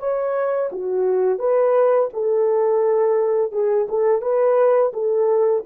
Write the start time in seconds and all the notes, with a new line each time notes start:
0.00 C#5
0.73 F#4
1.39 B4
2.14 A4
3.53 G#4
3.89 A4
4.22 B4
4.94 A4